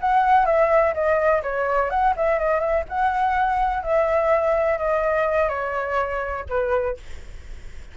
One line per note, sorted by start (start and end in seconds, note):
0.00 0.45 F#5
0.45 0.93 E5
0.94 1.42 D#5
1.43 1.90 C#5
1.90 2.14 F#5
2.16 2.39 E5
2.39 2.60 D#5
2.60 2.84 E5
2.89 3.82 F#5
3.82 4.78 E5
4.78 5.49 D#5
5.49 6.45 C#5
6.49 6.97 B4